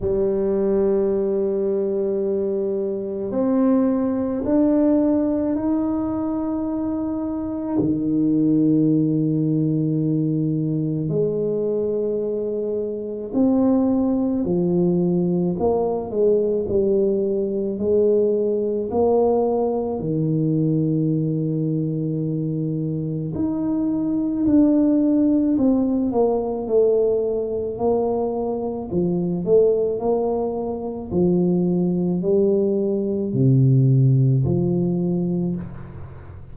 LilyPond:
\new Staff \with { instrumentName = "tuba" } { \time 4/4 \tempo 4 = 54 g2. c'4 | d'4 dis'2 dis4~ | dis2 gis2 | c'4 f4 ais8 gis8 g4 |
gis4 ais4 dis2~ | dis4 dis'4 d'4 c'8 ais8 | a4 ais4 f8 a8 ais4 | f4 g4 c4 f4 | }